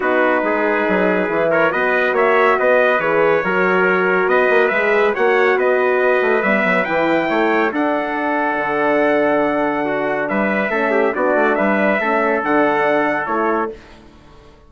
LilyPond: <<
  \new Staff \with { instrumentName = "trumpet" } { \time 4/4 \tempo 4 = 140 b'2.~ b'8 cis''8 | dis''4 e''4 dis''4 cis''4~ | cis''2 dis''4 e''4 | fis''4 dis''2 e''4 |
g''2 fis''2~ | fis''1 | e''2 d''4 e''4~ | e''4 fis''2 cis''4 | }
  \new Staff \with { instrumentName = "trumpet" } { \time 4/4 fis'4 gis'2~ gis'8 ais'8 | b'4 cis''4 b'2 | ais'2 b'2 | cis''4 b'2.~ |
b'4 cis''4 a'2~ | a'2. fis'4 | b'4 a'8 g'8 fis'4 b'4 | a'1 | }
  \new Staff \with { instrumentName = "horn" } { \time 4/4 dis'2. e'4 | fis'2. gis'4 | fis'2. gis'4 | fis'2. b4 |
e'2 d'2~ | d'1~ | d'4 cis'4 d'2 | cis'4 d'2 e'4 | }
  \new Staff \with { instrumentName = "bassoon" } { \time 4/4 b4 gis4 fis4 e4 | b4 ais4 b4 e4 | fis2 b8 ais8 gis4 | ais4 b4. a8 g8 fis8 |
e4 a4 d'2 | d1 | g4 a4 b8 a8 g4 | a4 d2 a4 | }
>>